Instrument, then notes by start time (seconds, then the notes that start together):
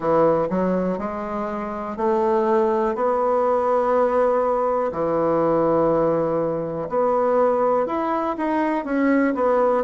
bassoon
0.00 E3
0.49 F#3
0.98 G#3
1.97 A3
2.95 B3
4.92 E3
6.89 B3
7.86 E4
8.37 D#4
8.84 C#4
9.34 B3